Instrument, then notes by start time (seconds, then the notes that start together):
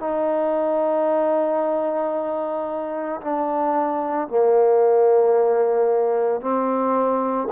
trombone
0.00 D#4
3.21 D4
4.29 A#3
6.41 C4